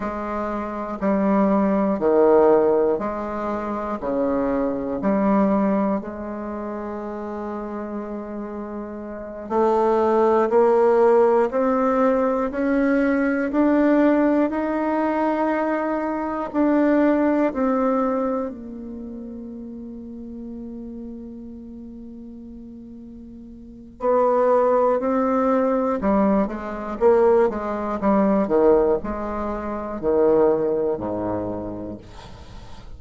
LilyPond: \new Staff \with { instrumentName = "bassoon" } { \time 4/4 \tempo 4 = 60 gis4 g4 dis4 gis4 | cis4 g4 gis2~ | gis4. a4 ais4 c'8~ | c'8 cis'4 d'4 dis'4.~ |
dis'8 d'4 c'4 ais4.~ | ais1 | b4 c'4 g8 gis8 ais8 gis8 | g8 dis8 gis4 dis4 gis,4 | }